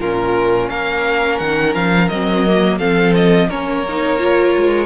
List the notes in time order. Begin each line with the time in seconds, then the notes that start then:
0.00 A#2 C#4 F4 A#4
0.70 A#3 A#4 F5
1.39 D#3 F#5
1.75 F3 F5
2.09 F#3 C4 D#5
2.47 A#3
2.78 F3 C4 A4 F5
3.16 D#5
3.49 A#3 C#4 A#4 C#5
3.89 D#4
4.19 F4
4.57 G#3